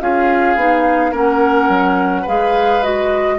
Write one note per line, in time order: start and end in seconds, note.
0.00 0.55 C#4
0.00 0.57 F4
0.00 1.11 G#4
0.00 1.13 F5
0.55 1.12 B3
0.55 1.12 D#4
1.11 1.68 A#3
1.11 2.25 C#4
1.11 2.22 A#4
1.11 2.28 F#5
1.68 2.25 F#3
2.22 3.38 G#3
2.22 2.83 G#4
2.22 3.35 B4
2.28 2.83 F5
2.83 3.38 F#4
2.83 3.38 D#5